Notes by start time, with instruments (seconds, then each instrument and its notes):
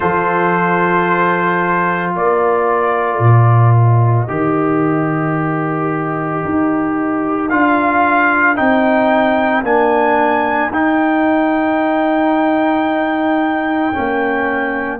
0.00 tuba F3, trombone F4, horn A4, trumpet C5
2.14 tuba A#3, horn A#4, trumpet D5
3.19 tuba A#2
3.75 trumpet D#5
4.28 tuba D#3, trombone G4
6.44 tuba D#4
7.49 tuba D4, trombone F4, trumpet F5
8.55 tuba C4, trombone D#4, trumpet G5
9.62 tuba A#3, trombone D4, trumpet G#5
10.69 tuba D#4, trombone D#4, trumpet G5
13.92 tuba A#3, trombone C#4